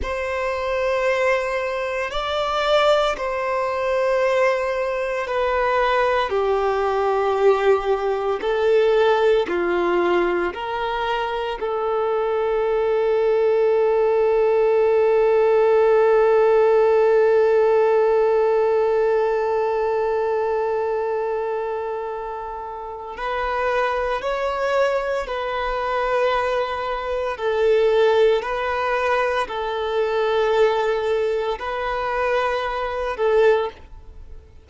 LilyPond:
\new Staff \with { instrumentName = "violin" } { \time 4/4 \tempo 4 = 57 c''2 d''4 c''4~ | c''4 b'4 g'2 | a'4 f'4 ais'4 a'4~ | a'1~ |
a'1~ | a'2 b'4 cis''4 | b'2 a'4 b'4 | a'2 b'4. a'8 | }